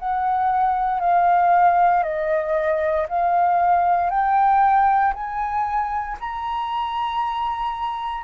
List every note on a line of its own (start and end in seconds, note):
0.00 1.00 F#5
1.00 2.04 F5
2.04 3.07 D#5
3.09 4.11 F5
4.11 5.14 G5
5.14 6.17 G#5
6.20 8.24 A#5